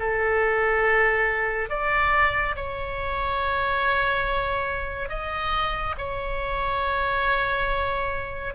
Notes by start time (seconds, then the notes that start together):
0.00 A4
1.70 D5
2.56 C#5
5.10 D#5
5.98 C#5